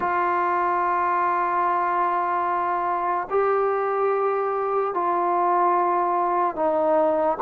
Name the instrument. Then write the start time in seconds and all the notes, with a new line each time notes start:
trombone
0.00 F4
3.30 G4
4.94 F4
6.55 D#4